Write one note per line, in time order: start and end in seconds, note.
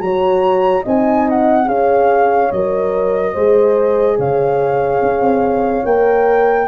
0.00 0.84 F#3
0.00 0.85 F#4
0.00 0.83 C#5
0.00 0.83 A#5
0.83 1.68 C4
0.83 1.65 D#4
0.83 1.66 D#5
0.83 1.29 G#5
1.29 1.68 F#5
1.65 2.51 C#4
1.65 2.48 G#4
1.65 3.33 C#5
1.65 2.51 F5
2.51 3.35 F#3
2.51 3.36 A#4
2.51 4.18 D#5
3.33 4.18 G#3
3.33 5.85 G#4
3.33 4.16 C5
4.18 5.02 C#3
4.18 6.68 C#5
4.18 5.85 F5
5.02 5.20 C#4
5.20 5.83 C4
5.85 6.68 A#3
5.85 6.68 A#4
5.85 6.68 G5